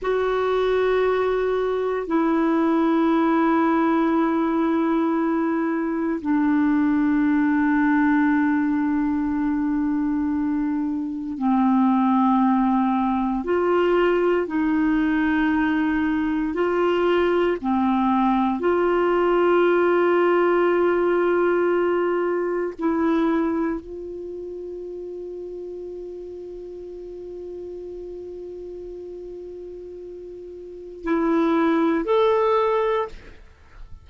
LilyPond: \new Staff \with { instrumentName = "clarinet" } { \time 4/4 \tempo 4 = 58 fis'2 e'2~ | e'2 d'2~ | d'2. c'4~ | c'4 f'4 dis'2 |
f'4 c'4 f'2~ | f'2 e'4 f'4~ | f'1~ | f'2 e'4 a'4 | }